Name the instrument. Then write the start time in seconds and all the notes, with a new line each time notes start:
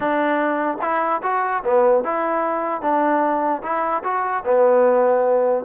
trombone
0.00 D4
0.81 E4
1.22 F#4
1.63 B3
2.04 E4
2.81 D4
3.62 E4
4.03 F#4
4.44 B3